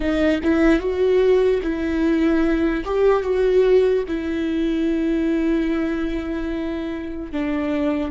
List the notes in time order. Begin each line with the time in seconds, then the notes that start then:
0.00 D#4
0.43 E4
0.79 F#4
1.62 E4
2.84 G4
3.22 F#4
4.07 E4
7.32 D4